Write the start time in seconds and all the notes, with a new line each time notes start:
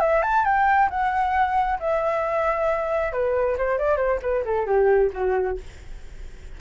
0.00 E5
0.22 A5
0.45 G5
0.90 F#5
1.80 E5
3.13 B4
3.58 C5
3.78 D5
3.97 C5
4.22 B4
4.45 A4
4.66 G4
5.13 F#4